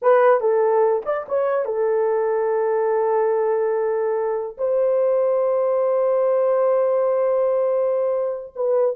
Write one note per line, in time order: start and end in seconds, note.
0.02 0.40 B4
0.40 1.02 A4
1.05 1.26 D5
1.28 1.65 C#5
1.65 4.57 A4
4.57 8.53 C5
8.55 8.96 B4